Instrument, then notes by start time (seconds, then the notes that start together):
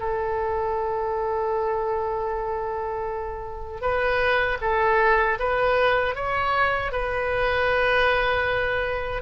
oboe
0.00 A4
3.81 B4
4.62 A4
5.40 B4
6.16 C#5
6.92 B4